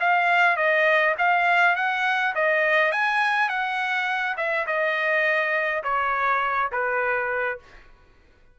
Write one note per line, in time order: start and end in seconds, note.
0.00 0.56 F5
0.56 1.15 D#5
1.18 1.76 F5
1.76 2.34 F#5
2.35 2.92 D#5
2.92 3.49 G#5
3.49 4.36 F#5
4.37 4.66 E5
4.66 5.83 D#5
5.83 6.71 C#5
6.71 7.59 B4